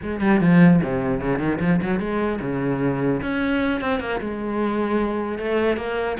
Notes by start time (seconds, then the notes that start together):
0.02 G#3
0.21 G3
0.40 F3
0.83 C3
1.20 C#3
1.39 D#3
1.60 F3
1.82 F#3
1.99 G#3
2.41 C#3
3.21 C#4
3.81 C4
3.99 A#3
4.20 G#3
5.38 A3
5.77 A#3